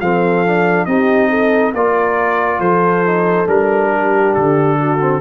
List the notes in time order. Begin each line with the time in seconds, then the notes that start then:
0.00 F3 C4 A4 F5
0.46 D4
0.85 C4 D#4 G4 D#5
1.29 A4
1.73 A#3 F4 A#4 D5
2.59 F3 A4 C5
3.06 D#4
3.46 G3 D4 A#4
3.91 G4
4.34 D3 A4
4.80 F#4
5.00 C4